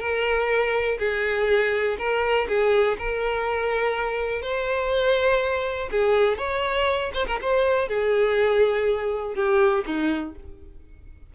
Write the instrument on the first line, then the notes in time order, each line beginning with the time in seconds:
violin
0.00 A#4
0.99 G#4
1.99 A#4
2.49 G#4
2.99 A#4
4.42 C5
5.92 G#4
6.38 C#5
7.15 C5
7.27 A#4
7.42 C5
7.89 G#4
9.35 G4
9.86 D#4